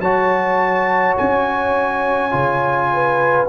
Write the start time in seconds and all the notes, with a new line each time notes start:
0.00 F#3 F#4 C#5 A5
1.17 C#4 G#5
2.31 C#3 F4
2.93 B4